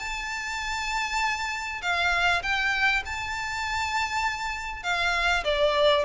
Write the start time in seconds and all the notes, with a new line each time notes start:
0.00 A5
1.82 F5
2.43 G5
3.06 A5
4.83 F5
5.45 D5